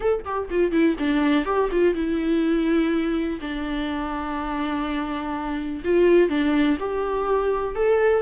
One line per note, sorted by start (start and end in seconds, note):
0.00 0.24 A4
0.24 0.49 G4
0.50 0.71 F4
0.71 0.96 E4
0.98 1.45 D4
1.45 1.69 G4
1.71 1.94 F4
1.94 3.39 E4
3.40 5.82 D4
5.84 6.29 F4
6.29 6.77 D4
6.79 7.75 G4
7.75 8.22 A4